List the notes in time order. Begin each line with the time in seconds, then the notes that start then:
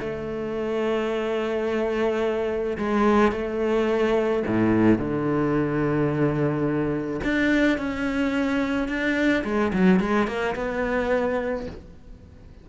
0.00 A3
2.78 G#3
3.32 A3
4.47 A2
4.98 D3
7.24 D4
7.78 C#4
8.88 D4
9.45 G#3
9.73 F#3
10.00 G#3
10.28 A#3
10.56 B3